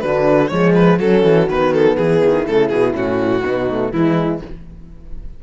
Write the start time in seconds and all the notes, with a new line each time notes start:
0.00 D3 D4 F#4 B4
0.48 F3 G#3 G#4 C#5
0.74 B4
0.98 F#3 C#4 F#4 A4
1.23 E3
1.47 D#3 B3 B4
1.73 A4
1.97 E3 E4 G#4
2.24 D#3
2.46 C#3 A3 A4
2.68 B2 B3 G#4
2.92 A2 C#4 F#4
3.43 B2 B3 D#4
3.68 A3
3.91 E3 G#3 E4